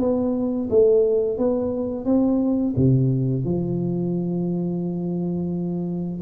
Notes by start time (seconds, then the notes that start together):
0.00 B3
0.70 A3
1.38 B3
2.05 C4
2.76 C3
3.45 F3